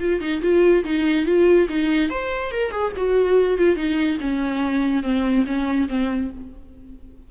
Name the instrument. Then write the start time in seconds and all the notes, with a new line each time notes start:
viola
0.00 F4
0.21 D#4
0.42 F4
0.84 D#4
1.26 F4
1.69 D#4
2.10 C5
2.52 A#4
2.72 G#4
2.97 F#4
3.58 F4
3.76 D#4
4.21 C#4
5.03 C4
5.46 C#4
5.89 C4